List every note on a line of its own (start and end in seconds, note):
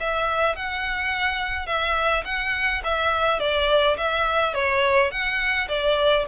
0.00 0.56 E5
0.56 1.67 F#5
1.67 2.24 E5
2.25 2.82 F#5
2.84 3.40 E5
3.40 3.97 D5
3.97 4.54 E5
4.54 5.11 C#5
5.11 5.68 F#5
5.69 6.26 D5